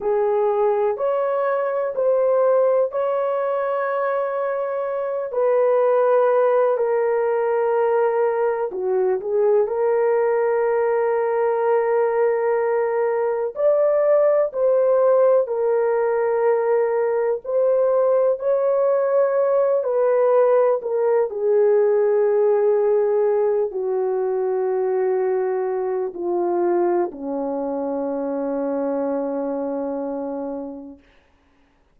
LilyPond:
\new Staff \with { instrumentName = "horn" } { \time 4/4 \tempo 4 = 62 gis'4 cis''4 c''4 cis''4~ | cis''4. b'4. ais'4~ | ais'4 fis'8 gis'8 ais'2~ | ais'2 d''4 c''4 |
ais'2 c''4 cis''4~ | cis''8 b'4 ais'8 gis'2~ | gis'8 fis'2~ fis'8 f'4 | cis'1 | }